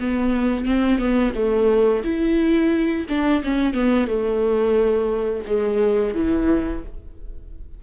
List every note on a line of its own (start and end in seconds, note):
0.00 0.66 B3
0.66 0.99 C4
0.99 1.33 B3
1.35 2.03 A3
2.04 3.06 E4
3.09 3.43 D4
3.44 3.74 C#4
3.74 4.07 B3
4.07 5.44 A3
5.47 6.15 G#3
6.15 6.83 E3